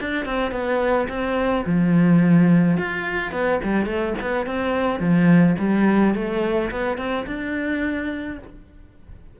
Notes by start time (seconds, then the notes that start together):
0.00 D4
0.25 C4
0.51 B3
1.08 C4
1.66 F3
2.77 F4
3.32 B3
3.63 G3
3.86 A3
4.21 B3
4.46 C4
5.00 F3
5.58 G3
6.14 A3
6.71 B3
6.97 C4
7.26 D4